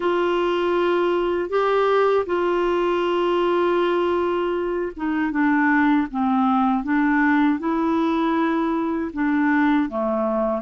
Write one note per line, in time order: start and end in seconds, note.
0.00 1.49 F4
1.49 2.25 G4
2.26 4.92 F4
4.96 5.31 D#4
5.31 6.07 D4
6.10 6.83 C4
6.83 7.59 D4
7.59 9.11 E4
9.13 9.89 D4
9.89 10.61 A3